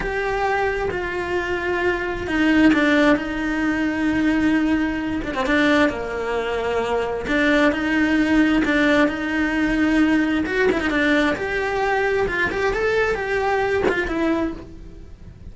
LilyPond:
\new Staff \with { instrumentName = "cello" } { \time 4/4 \tempo 4 = 132 g'2 f'2~ | f'4 dis'4 d'4 dis'4~ | dis'2.~ dis'8 d'16 c'16 | d'4 ais2. |
d'4 dis'2 d'4 | dis'2. fis'8 e'16 dis'16 | d'4 g'2 f'8 g'8 | a'4 g'4. f'8 e'4 | }